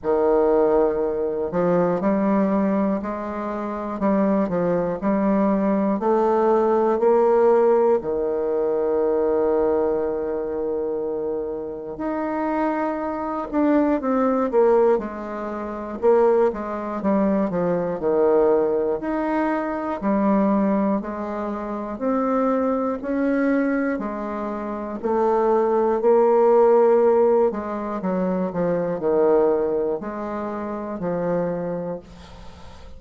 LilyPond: \new Staff \with { instrumentName = "bassoon" } { \time 4/4 \tempo 4 = 60 dis4. f8 g4 gis4 | g8 f8 g4 a4 ais4 | dis1 | dis'4. d'8 c'8 ais8 gis4 |
ais8 gis8 g8 f8 dis4 dis'4 | g4 gis4 c'4 cis'4 | gis4 a4 ais4. gis8 | fis8 f8 dis4 gis4 f4 | }